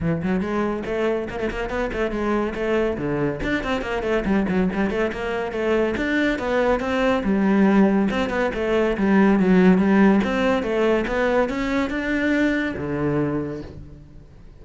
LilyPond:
\new Staff \with { instrumentName = "cello" } { \time 4/4 \tempo 4 = 141 e8 fis8 gis4 a4 ais16 a16 ais8 | b8 a8 gis4 a4 d4 | d'8 c'8 ais8 a8 g8 fis8 g8 a8 | ais4 a4 d'4 b4 |
c'4 g2 c'8 b8 | a4 g4 fis4 g4 | c'4 a4 b4 cis'4 | d'2 d2 | }